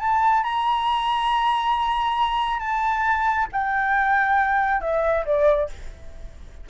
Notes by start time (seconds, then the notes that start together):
0.00 A5
0.44 A#5
2.60 A5
3.53 G5
4.81 E5
5.26 D5